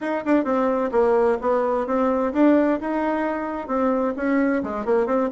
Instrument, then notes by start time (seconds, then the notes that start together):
bassoon
0.00 D#4
0.25 D4
0.44 C4
0.91 A#3
1.41 B3
1.86 C4
2.33 D4
2.80 D#4
3.67 C4
4.16 C#4
4.63 G#3
4.85 A#3
5.06 C4